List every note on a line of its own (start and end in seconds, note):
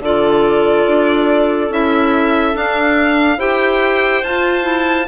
0.00 0.85 D3
0.00 1.71 F4
0.00 3.38 A4
0.00 1.72 D5
0.87 1.69 D4
1.69 2.54 C#4
1.69 2.53 E4
1.69 2.56 E5
2.53 3.38 D4
2.53 3.37 D4
2.53 3.40 F5
3.37 4.22 E4
3.37 4.23 G4
3.37 5.07 C5
3.37 4.23 G5
4.23 5.08 F4
4.23 4.62 F4
4.23 5.08 A5
4.62 5.04 E4